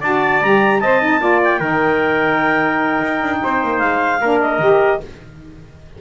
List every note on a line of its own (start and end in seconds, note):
0.00 0.41 D4
0.00 0.42 F#4
0.00 0.80 D5
0.00 0.42 A5
0.41 0.81 G3
0.41 0.83 G4
0.41 0.80 A#5
0.80 1.21 C4
0.80 1.01 C5
0.80 1.21 D#5
0.80 1.40 A5
1.01 1.20 D#4
1.20 1.60 A#3
1.20 1.59 F4
1.20 1.59 D5
1.44 3.78 G5
1.59 3.00 D#3
1.59 4.19 D#4
1.59 3.39 A#4
3.02 3.22 D#4
3.22 3.42 D4
3.43 3.63 C4
3.43 4.21 C5
3.63 3.81 A#3
3.78 4.21 G#3
3.78 4.38 F5
4.21 4.59 A#3
4.21 4.61 D4
4.21 5.01 A#4
4.40 5.00 D#5
4.59 4.99 D#3
4.59 5.01 G4